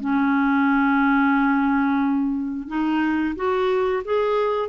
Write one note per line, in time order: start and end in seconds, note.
0.00 2.67 C#4
2.67 3.35 D#4
3.35 4.03 F#4
4.04 4.69 G#4